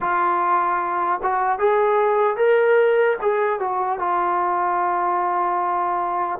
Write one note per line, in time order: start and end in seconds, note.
0.00 1.20 F4
1.22 1.58 F#4
1.58 2.36 G#4
2.36 3.16 A#4
3.21 3.59 G#4
3.59 3.99 F#4
3.99 6.39 F4